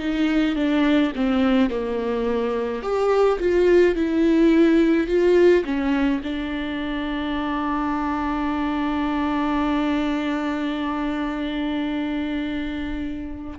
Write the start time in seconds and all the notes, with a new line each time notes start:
0.00 D#4
0.56 D4
1.16 C4
1.70 A#3
2.83 G4
3.40 F4
3.96 E4
5.08 F4
5.65 C#4
6.24 D4